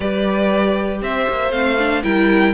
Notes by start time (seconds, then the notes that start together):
0.00 G3 G4 B4 D5
1.01 C4 C5 E5
1.29 A#3
1.51 A3 C4 F5
1.78 D4
2.03 G3 E4 A#4 G5